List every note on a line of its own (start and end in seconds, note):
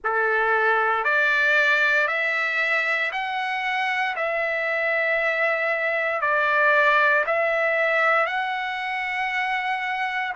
0.03 1.04 A4
1.04 2.07 D5
2.07 3.11 E5
3.12 4.15 F#5
4.16 6.21 E5
6.21 7.24 D5
7.26 8.26 E5
8.26 10.33 F#5